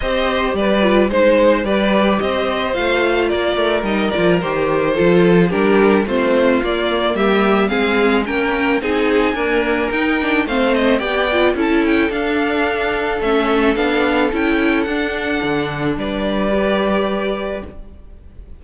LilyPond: <<
  \new Staff \with { instrumentName = "violin" } { \time 4/4 \tempo 4 = 109 dis''4 d''4 c''4 d''4 | dis''4 f''4 d''4 dis''8 d''8 | c''2 ais'4 c''4 | d''4 e''4 f''4 g''4 |
gis''2 g''4 f''8 dis''8 | g''4 a''8 g''8 f''2 | e''4 f''4 g''4 fis''4~ | fis''4 d''2. | }
  \new Staff \with { instrumentName = "violin" } { \time 4/4 c''4 b'4 c''4 b'4 | c''2 ais'2~ | ais'4 a'4 g'4 f'4~ | f'4 g'4 gis'4 ais'4 |
gis'4 ais'2 c''4 | d''4 a'2.~ | a'1~ | a'4 b'2. | }
  \new Staff \with { instrumentName = "viola" } { \time 4/4 g'4. f'8 dis'4 g'4~ | g'4 f'2 dis'8 f'8 | g'4 f'4 d'4 c'4 | ais2 c'4 cis'4 |
dis'4 ais4 dis'8 d'8 c'4 | g'8 f'8 e'4 d'2 | cis'4 d'4 e'4 d'4~ | d'2 g'2 | }
  \new Staff \with { instrumentName = "cello" } { \time 4/4 c'4 g4 gis4 g4 | c'4 a4 ais8 a8 g8 f8 | dis4 f4 g4 a4 | ais4 g4 gis4 ais4 |
c'4 d'4 dis'4 a4 | b4 cis'4 d'2 | a4 b4 cis'4 d'4 | d4 g2. | }
>>